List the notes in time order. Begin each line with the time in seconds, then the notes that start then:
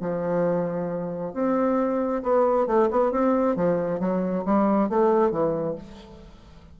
0.00 F3
1.33 C4
2.22 B3
2.67 A3
2.91 B3
3.11 C4
3.56 F3
3.99 F#3
4.45 G3
4.89 A3
5.31 E3